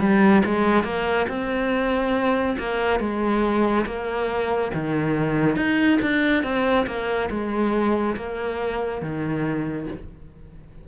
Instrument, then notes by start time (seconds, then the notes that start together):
cello
0.00 G3
0.46 G#3
0.84 A#3
1.28 C4
2.59 A#3
3.00 G#3
3.86 A#3
4.75 D#3
5.56 D#4
6.02 D4
6.44 C4
6.86 A#3
7.31 G#3
8.16 A#3
9.02 D#3